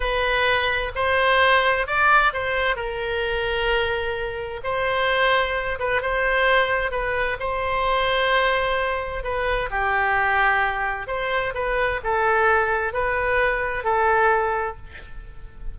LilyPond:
\new Staff \with { instrumentName = "oboe" } { \time 4/4 \tempo 4 = 130 b'2 c''2 | d''4 c''4 ais'2~ | ais'2 c''2~ | c''8 b'8 c''2 b'4 |
c''1 | b'4 g'2. | c''4 b'4 a'2 | b'2 a'2 | }